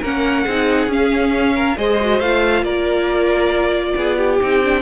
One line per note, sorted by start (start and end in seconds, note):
0.00 0.45 A#3
0.00 0.47 C#4
0.00 0.44 A#4
0.00 0.91 F#5
0.44 0.87 C4
0.44 0.89 D#4
0.44 1.53 G#4
0.87 1.74 C#4
0.87 1.76 C#4
0.87 1.77 F5
1.55 1.76 A#4
1.76 2.20 G#3
1.76 1.98 G#4
1.76 2.64 C5
1.76 2.20 D#5
2.00 2.22 F#4
2.20 2.62 A3
2.20 4.40 F4
2.20 2.64 F5
2.62 3.94 A#3
2.62 3.95 A#4
2.62 4.39 D5
3.96 4.39 B3
3.96 4.17 G#4
4.17 4.81 G4
4.40 4.81 C4
4.40 4.62 D#4
4.40 4.81 G5
4.63 4.81 D4